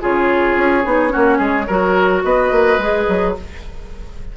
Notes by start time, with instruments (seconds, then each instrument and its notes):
0.00 bassoon C#3, clarinet F4, oboe G#4, flute C#5
0.56 bassoon C#4
0.84 bassoon B3, clarinet D#4
1.08 clarinet C#4, oboe F#4
1.15 bassoon A#3
1.38 bassoon G#3, oboe G#4
1.67 bassoon F#3, clarinet F#4, oboe A#4
2.23 bassoon B3, oboe B4, flute D#5
2.51 bassoon A#3
2.78 bassoon G#3, clarinet G#4
3.08 bassoon F#3